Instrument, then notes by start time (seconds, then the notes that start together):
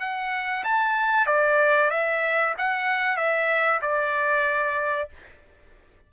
trumpet
0.00 F#5
0.64 A5
1.26 D5
1.90 E5
2.58 F#5
3.17 E5
3.82 D5